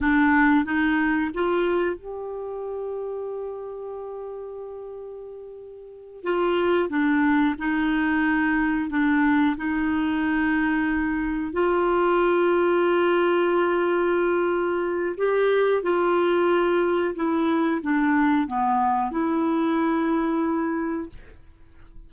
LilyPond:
\new Staff \with { instrumentName = "clarinet" } { \time 4/4 \tempo 4 = 91 d'4 dis'4 f'4 g'4~ | g'1~ | g'4. f'4 d'4 dis'8~ | dis'4. d'4 dis'4.~ |
dis'4. f'2~ f'8~ | f'2. g'4 | f'2 e'4 d'4 | b4 e'2. | }